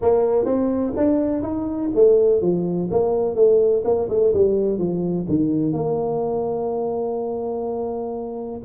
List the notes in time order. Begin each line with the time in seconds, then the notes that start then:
0.01 A#3
0.45 C4
0.96 D4
1.42 D#4
1.94 A3
2.41 F3
2.90 A#3
3.35 A3
3.84 A#3
4.09 A3
4.33 G3
4.78 F3
5.28 D#3
5.73 A#3